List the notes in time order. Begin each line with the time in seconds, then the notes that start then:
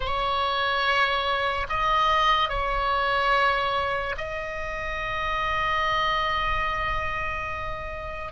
0.00 C#5
1.69 D#5
2.48 C#5
4.17 D#5